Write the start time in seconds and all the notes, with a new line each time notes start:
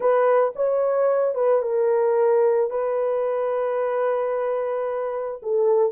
0.00 B4
0.55 C#5
1.34 B4
1.62 A#4
2.70 B4
5.42 A4